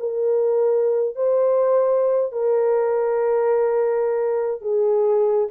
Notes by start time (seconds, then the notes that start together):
0.00 A#4
1.16 C5
2.33 A#4
4.62 G#4